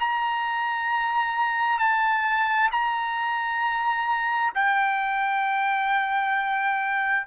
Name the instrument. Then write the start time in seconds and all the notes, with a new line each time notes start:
trumpet
0.00 A#5
1.79 A5
2.71 A#5
4.55 G5